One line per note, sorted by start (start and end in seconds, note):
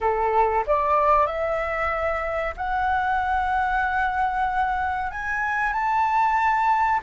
0.00 0.64 A4
0.66 1.26 D5
1.26 2.54 E5
2.56 5.11 F#5
5.11 5.72 G#5
5.72 7.00 A5